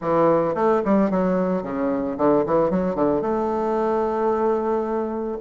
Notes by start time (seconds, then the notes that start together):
0.01 E3
0.55 A3
0.85 G3
1.10 F#3
1.62 C#3
2.17 D3
2.46 E3
2.70 F#3
2.95 D3
3.21 A3